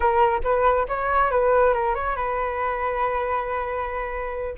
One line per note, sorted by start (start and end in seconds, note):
0.00 0.41 A#4
0.43 0.87 B4
0.88 1.30 C#5
1.30 1.73 B4
1.73 1.94 A#4
1.94 2.16 C#5
2.16 4.55 B4